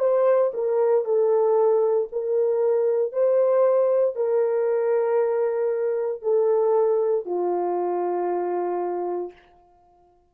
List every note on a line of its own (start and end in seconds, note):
0.00 0.52 C5
0.54 1.05 A#4
1.05 2.08 A4
2.12 3.12 A#4
3.12 4.16 C5
4.16 6.22 A#4
6.22 7.26 A4
7.26 9.32 F4